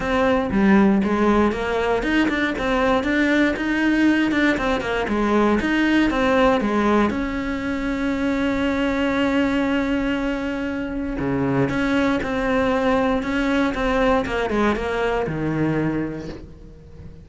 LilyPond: \new Staff \with { instrumentName = "cello" } { \time 4/4 \tempo 4 = 118 c'4 g4 gis4 ais4 | dis'8 d'8 c'4 d'4 dis'4~ | dis'8 d'8 c'8 ais8 gis4 dis'4 | c'4 gis4 cis'2~ |
cis'1~ | cis'2 cis4 cis'4 | c'2 cis'4 c'4 | ais8 gis8 ais4 dis2 | }